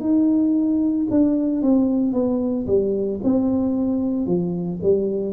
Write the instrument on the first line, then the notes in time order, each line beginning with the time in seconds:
tuba
0.00 D#4
1.10 D4
1.62 C4
2.13 B3
2.67 G3
3.24 C4
4.27 F3
4.83 G3